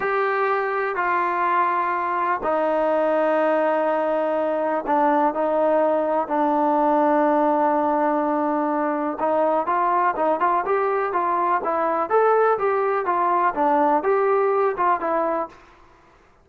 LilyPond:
\new Staff \with { instrumentName = "trombone" } { \time 4/4 \tempo 4 = 124 g'2 f'2~ | f'4 dis'2.~ | dis'2 d'4 dis'4~ | dis'4 d'2.~ |
d'2. dis'4 | f'4 dis'8 f'8 g'4 f'4 | e'4 a'4 g'4 f'4 | d'4 g'4. f'8 e'4 | }